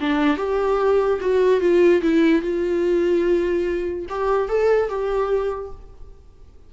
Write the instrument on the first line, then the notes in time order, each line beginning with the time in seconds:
viola
0.00 D4
0.37 G4
1.20 F#4
1.60 F4
2.02 E4
2.42 F4
4.09 G4
4.48 A4
4.89 G4